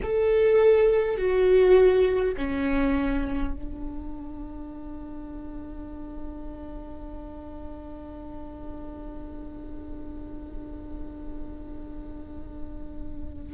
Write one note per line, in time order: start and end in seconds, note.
0.03 1.17 A4
1.17 2.35 F#4
2.37 3.54 C#4
3.54 13.53 D4